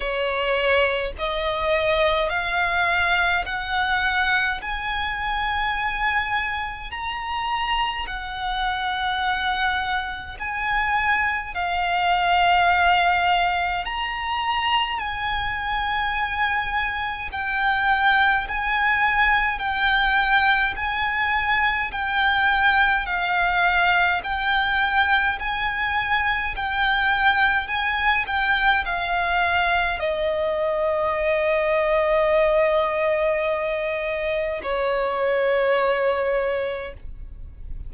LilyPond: \new Staff \with { instrumentName = "violin" } { \time 4/4 \tempo 4 = 52 cis''4 dis''4 f''4 fis''4 | gis''2 ais''4 fis''4~ | fis''4 gis''4 f''2 | ais''4 gis''2 g''4 |
gis''4 g''4 gis''4 g''4 | f''4 g''4 gis''4 g''4 | gis''8 g''8 f''4 dis''2~ | dis''2 cis''2 | }